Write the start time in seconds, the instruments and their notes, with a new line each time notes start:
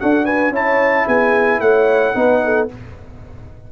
0.00 tuba D4, trombone F#4, horn A4, trumpet F#5
0.25 horn B4, trumpet G#5
0.50 tuba C#4, trombone E4, horn C#5, trumpet A5
1.06 tuba B3, horn G#4, trumpet G#5
1.60 tuba A3, horn C#5, trumpet F#5
2.14 tuba B3, trombone D#4, horn B4
2.45 horn A4